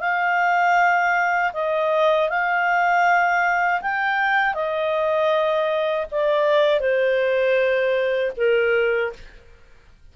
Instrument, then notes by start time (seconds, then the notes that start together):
clarinet
0.00 F5
1.53 D#5
2.29 F5
3.81 G5
4.54 D#5
6.11 D5
6.80 C5
8.37 A#4